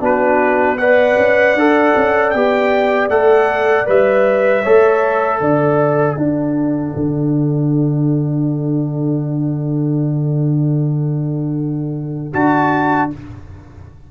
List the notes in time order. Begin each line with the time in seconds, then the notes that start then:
0.00 B3 D4 F#4 B4
0.78 B4 D5 F#5
1.17 C#4
1.55 D4 A4
1.96 C#4
2.30 B3 G4 G5
3.09 A3 A4 F#5
3.86 G3 B4 E5
4.62 A3 A4 C#5
5.40 D3 D5 F#5
6.17 D4 A4
6.96 D3
12.33 D4 F#4 A5